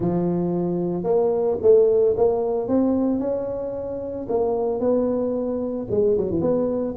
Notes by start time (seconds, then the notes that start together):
0.00 F3
1.03 A#3
1.61 A3
2.17 A#3
2.67 C4
3.19 C#4
4.28 A#3
4.80 B3
5.90 G#3
6.17 F#3
6.30 E3
6.41 B3